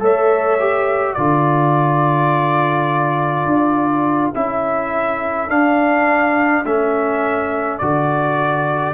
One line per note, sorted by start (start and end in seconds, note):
0.00 1.17 A3
0.00 0.58 A4
0.00 1.18 C#5
0.00 1.14 E5
0.60 1.18 G4
1.14 3.46 D3
1.14 4.34 F4
1.14 8.94 A4
1.14 4.31 D5
3.46 4.32 D4
4.34 5.50 C#4
4.34 5.50 E4
4.34 5.50 E5
5.50 6.65 D4
5.50 6.65 F5
6.65 7.81 A3
6.65 7.81 C#4
6.65 7.78 E5
7.78 8.94 D3
7.78 8.94 F#4
7.78 8.94 D5